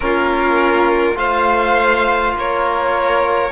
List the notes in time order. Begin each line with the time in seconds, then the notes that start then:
0.00 A#3 C#4 F4 A#4
1.15 A3 F4 C5 F5
2.33 A#3 C#5
2.39 A#4